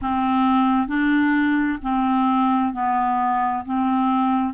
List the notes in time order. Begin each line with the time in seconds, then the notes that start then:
0.01 C4
0.87 D4
1.82 C4
2.73 B3
3.65 C4